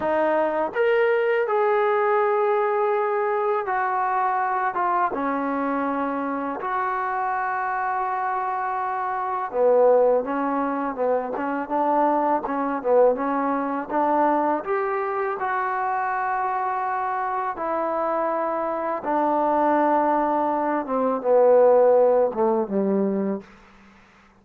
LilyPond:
\new Staff \with { instrumentName = "trombone" } { \time 4/4 \tempo 4 = 82 dis'4 ais'4 gis'2~ | gis'4 fis'4. f'8 cis'4~ | cis'4 fis'2.~ | fis'4 b4 cis'4 b8 cis'8 |
d'4 cis'8 b8 cis'4 d'4 | g'4 fis'2. | e'2 d'2~ | d'8 c'8 b4. a8 g4 | }